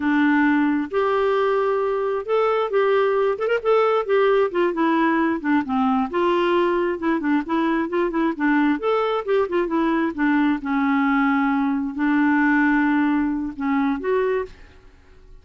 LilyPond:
\new Staff \with { instrumentName = "clarinet" } { \time 4/4 \tempo 4 = 133 d'2 g'2~ | g'4 a'4 g'4. a'16 ais'16 | a'4 g'4 f'8 e'4. | d'8 c'4 f'2 e'8 |
d'8 e'4 f'8 e'8 d'4 a'8~ | a'8 g'8 f'8 e'4 d'4 cis'8~ | cis'2~ cis'8 d'4.~ | d'2 cis'4 fis'4 | }